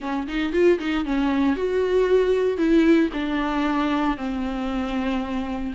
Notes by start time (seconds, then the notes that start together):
0.00 C#4
0.27 D#4
0.52 F4
0.79 D#4
1.05 C#4
1.55 F#4
2.57 E4
3.13 D4
4.17 C4